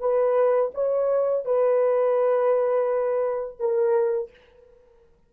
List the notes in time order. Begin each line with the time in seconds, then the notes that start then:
0.00 B4
0.74 C#5
1.45 B4
3.59 A#4